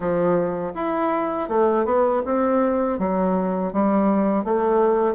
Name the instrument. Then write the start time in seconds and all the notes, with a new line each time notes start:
bassoon
0.00 F3
0.74 E4
1.48 A3
1.85 B3
2.25 C4
2.98 F#3
3.72 G3
4.44 A3